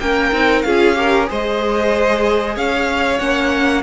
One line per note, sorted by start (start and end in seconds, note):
0.00 0.32 A#3
0.00 0.33 C#4
0.00 0.67 A#4
0.00 0.62 G5
0.32 0.64 C4
0.32 0.65 D#4
0.62 1.29 C#4
0.62 0.95 F4
0.62 0.99 G#4
0.62 1.26 F5
0.95 1.27 G4
0.95 1.30 A#4
1.27 2.57 G#3
1.27 3.19 G#4
1.27 2.56 C5
1.27 2.57 D#5
2.56 3.20 C#4
2.56 3.83 C#5
2.56 3.20 F5
3.20 3.83 A#3
3.20 3.83 C#4
3.20 3.83 F#5